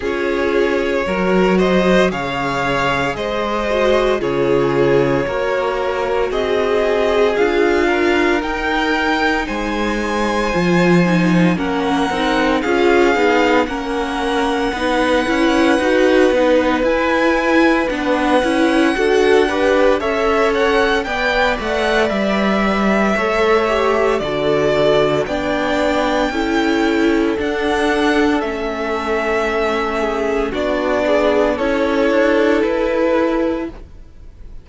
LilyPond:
<<
  \new Staff \with { instrumentName = "violin" } { \time 4/4 \tempo 4 = 57 cis''4. dis''8 f''4 dis''4 | cis''2 dis''4 f''4 | g''4 gis''2 fis''4 | f''4 fis''2. |
gis''4 fis''2 e''8 fis''8 | g''8 fis''8 e''2 d''4 | g''2 fis''4 e''4~ | e''4 d''4 cis''4 b'4 | }
  \new Staff \with { instrumentName = "violin" } { \time 4/4 gis'4 ais'8 c''8 cis''4 c''4 | gis'4 ais'4 gis'4. ais'8~ | ais'4 c''2 ais'4 | gis'4 ais'4 b'2~ |
b'2 a'8 b'8 cis''4 | d''2 cis''4 a'4 | d''4 a'2.~ | a'8 gis'8 fis'8 gis'8 a'2 | }
  \new Staff \with { instrumentName = "viola" } { \time 4/4 f'4 fis'4 gis'4. fis'8 | f'4 fis'2 f'4 | dis'2 f'8 dis'8 cis'8 dis'8 | f'8 dis'8 cis'4 dis'8 e'8 fis'8 dis'8 |
e'4 d'8 e'8 fis'8 g'8 a'4 | b'2 a'8 g'8 fis'4 | d'4 e'4 d'4 cis'4~ | cis'4 d'4 e'2 | }
  \new Staff \with { instrumentName = "cello" } { \time 4/4 cis'4 fis4 cis4 gis4 | cis4 ais4 c'4 d'4 | dis'4 gis4 f4 ais8 c'8 | cis'8 b8 ais4 b8 cis'8 dis'8 b8 |
e'4 b8 cis'8 d'4 cis'4 | b8 a8 g4 a4 d4 | b4 cis'4 d'4 a4~ | a4 b4 cis'8 d'8 e'4 | }
>>